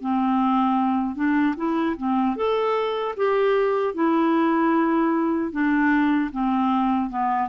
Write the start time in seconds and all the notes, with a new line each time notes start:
0.00 C4
1.15 D4
1.56 E4
1.97 C4
2.36 A4
3.16 G4
3.94 E4
5.51 D4
6.32 C4
7.09 B3